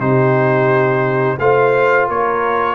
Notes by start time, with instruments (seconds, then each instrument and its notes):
0.00 tuba C3, trombone D#4, horn G4, trumpet C5
1.40 tuba A3, trombone F4, horn C5, trumpet F5
2.09 tuba A#3, horn A#4, trumpet C#5